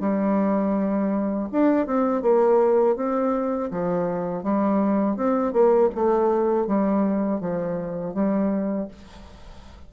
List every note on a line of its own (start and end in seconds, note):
0.00 1.48 G3
1.52 1.86 D4
1.86 2.22 C4
2.22 2.96 A#3
2.96 3.70 C4
3.70 4.43 F3
4.43 5.16 G3
5.16 5.53 C4
5.53 5.90 A#3
5.94 6.67 A3
6.67 7.40 G3
7.40 8.14 F3
8.14 8.88 G3